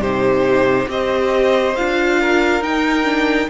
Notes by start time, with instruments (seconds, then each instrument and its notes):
0.00 cello C3, viola D#4, violin G4 C5
0.88 cello C4, viola G4, violin C5 D#5
1.76 cello D4, viola F4, violin F5
2.21 violin A#4
2.61 cello D#4, viola D#4, violin G5
3.05 viola D4